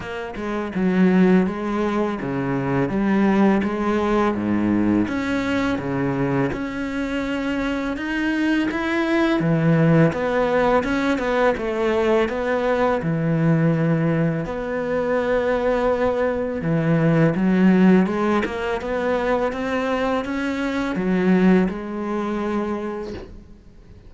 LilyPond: \new Staff \with { instrumentName = "cello" } { \time 4/4 \tempo 4 = 83 ais8 gis8 fis4 gis4 cis4 | g4 gis4 gis,4 cis'4 | cis4 cis'2 dis'4 | e'4 e4 b4 cis'8 b8 |
a4 b4 e2 | b2. e4 | fis4 gis8 ais8 b4 c'4 | cis'4 fis4 gis2 | }